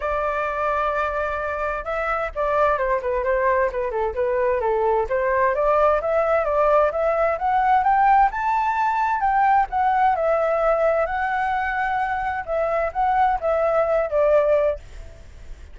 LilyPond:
\new Staff \with { instrumentName = "flute" } { \time 4/4 \tempo 4 = 130 d''1 | e''4 d''4 c''8 b'8 c''4 | b'8 a'8 b'4 a'4 c''4 | d''4 e''4 d''4 e''4 |
fis''4 g''4 a''2 | g''4 fis''4 e''2 | fis''2. e''4 | fis''4 e''4. d''4. | }